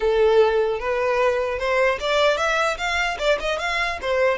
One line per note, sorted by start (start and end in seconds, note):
0.00 0.79 A4
0.79 1.58 B4
1.58 1.98 C5
2.00 2.37 D5
2.37 2.77 E5
2.77 3.17 F5
3.18 3.38 D5
3.39 3.59 D#5
3.59 3.99 F5
4.01 4.38 C5